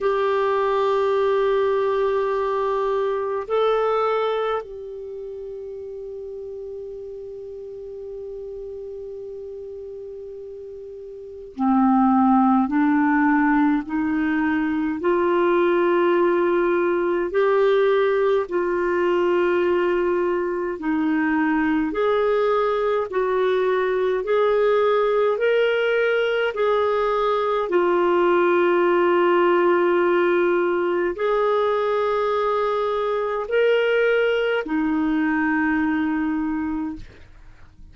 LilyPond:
\new Staff \with { instrumentName = "clarinet" } { \time 4/4 \tempo 4 = 52 g'2. a'4 | g'1~ | g'2 c'4 d'4 | dis'4 f'2 g'4 |
f'2 dis'4 gis'4 | fis'4 gis'4 ais'4 gis'4 | f'2. gis'4~ | gis'4 ais'4 dis'2 | }